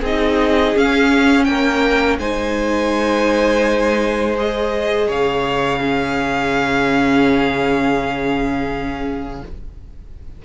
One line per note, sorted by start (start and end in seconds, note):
0.00 0.74 C4
0.00 0.75 D#4
0.00 1.45 G#4
0.00 0.77 D#5
0.75 2.20 C#4
0.75 1.48 C#4
0.75 1.44 F5
1.44 2.19 A#3
1.44 2.18 A#4
1.44 2.16 G5
2.18 5.08 G#3
2.18 4.37 D#4
2.18 5.07 C5
2.18 4.36 G#5
4.37 5.80 G#4
4.37 5.11 D#5
5.07 9.42 C#3
5.07 5.79 C#5
5.07 9.45 F5
5.80 9.42 C#4
5.80 9.42 G#4